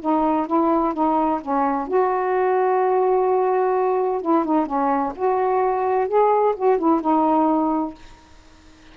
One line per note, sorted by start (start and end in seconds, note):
0.00 0.46 D#4
0.46 0.93 E4
0.94 1.40 D#4
1.41 1.87 C#4
1.87 4.21 F#4
4.21 4.45 E4
4.45 4.66 D#4
4.66 5.13 C#4
5.15 6.08 F#4
6.08 6.55 G#4
6.56 6.78 F#4
6.78 7.01 E4
7.01 7.94 D#4